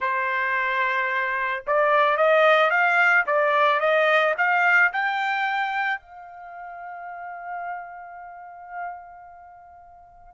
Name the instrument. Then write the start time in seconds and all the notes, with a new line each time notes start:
trumpet
0.00 C5
1.66 D5
2.17 D#5
2.70 F5
3.26 D5
3.80 D#5
4.37 F5
4.92 G5
6.00 F5